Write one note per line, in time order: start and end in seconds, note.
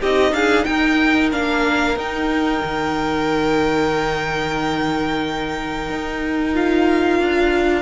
0.00 0.32 C4
0.00 1.32 D#4
0.00 0.33 G4
0.00 0.34 D#5
0.32 0.64 D4
0.32 0.68 G#4
0.32 0.64 F5
0.64 1.32 D#4
0.64 7.82 A#4
0.64 1.29 G5
1.32 1.96 A#3
1.32 1.97 D4
1.32 1.98 F5
1.96 2.62 D#4
1.96 6.54 D#4
1.96 6.55 G5
2.64 5.90 D#3
5.90 7.19 D#4
6.54 7.82 F4
6.54 7.82 F5
7.19 7.82 D4